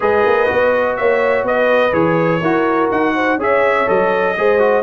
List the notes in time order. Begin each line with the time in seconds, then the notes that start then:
0.00 G#3 G#4 B4 D#5
0.26 A#3
0.46 B3 F#4
0.96 A#3 C#5 E5
1.43 B3 B4 D#5
1.92 E3 G#4 C#5
2.40 E4 F#4 A#4
2.91 D#4 F#5
3.14 C5
3.37 C#4 G#4 C#5 E5
3.86 F#3 A4 D#5
4.37 G#3 G#4 C5
4.59 F#4